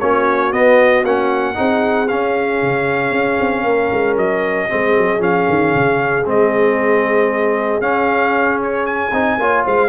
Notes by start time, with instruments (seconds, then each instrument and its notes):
0.00 tuba A#3, trombone C#4, horn F#4, trumpet C#5
0.52 trombone B3, tuba B3, trumpet D#5
1.03 tuba A#3, trombone C#4, trumpet F#5
1.54 tuba C4, trombone D#4, horn G#4
2.08 trombone C#4, tuba C#4, trumpet F5
2.62 tuba C#3
3.11 tuba C#4
3.40 tuba C4
3.63 tuba A#3, horn A#4
3.92 tuba G#3
4.17 tuba F#3, trumpet D#5
4.69 tuba G#3, trombone C4, horn G#4
4.97 tuba F#3
5.18 tuba F3, trombone C#4, trumpet F5
5.49 tuba D#3
5.75 tuba C#3
6.26 tuba G#3, trombone C4, trumpet D#5
7.81 trombone C#4, tuba C#4, trumpet F5
8.63 trumpet C#5
8.86 trumpet G#5
9.12 tuba C4, trombone D#4
9.39 tuba A#3, trombone F4, horn C#5
9.65 tuba G#3, horn C5, trumpet F5